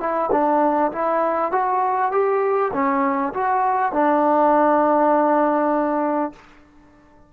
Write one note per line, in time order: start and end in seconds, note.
0.00 0.30 E4
0.32 0.92 D4
0.92 1.51 E4
1.51 2.11 F#4
2.12 2.72 G4
2.73 3.33 C#4
3.33 3.92 F#4
3.92 6.32 D4